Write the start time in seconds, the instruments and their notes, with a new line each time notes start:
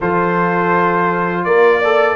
0.00 tuba F3, trombone F4, horn A4, trumpet C5
1.44 tuba A#3, horn A#4, trumpet D5
1.78 trombone A4, horn D5